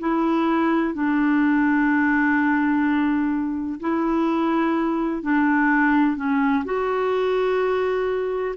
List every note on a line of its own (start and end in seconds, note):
0.00 0.94 E4
0.94 3.80 D4
3.81 5.23 E4
5.23 6.17 D4
6.17 6.65 C#4
6.65 8.56 F#4